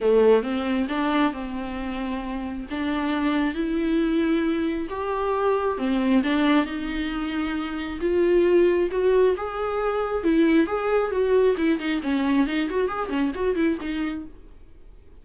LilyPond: \new Staff \with { instrumentName = "viola" } { \time 4/4 \tempo 4 = 135 a4 c'4 d'4 c'4~ | c'2 d'2 | e'2. g'4~ | g'4 c'4 d'4 dis'4~ |
dis'2 f'2 | fis'4 gis'2 e'4 | gis'4 fis'4 e'8 dis'8 cis'4 | dis'8 fis'8 gis'8 cis'8 fis'8 e'8 dis'4 | }